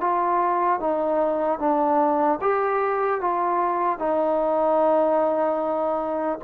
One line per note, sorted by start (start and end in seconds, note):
0.00 0.80 F4
0.80 1.59 D#4
1.59 2.39 D4
2.41 3.20 G4
3.20 3.98 F4
3.98 6.38 D#4